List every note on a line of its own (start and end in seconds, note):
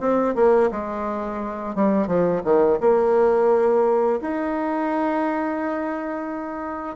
0.00 0.35 C4
0.35 0.70 A#3
0.71 1.75 G#3
1.75 2.07 G3
2.07 2.42 F3
2.44 2.79 D#3
2.80 4.20 A#3
4.21 6.96 D#4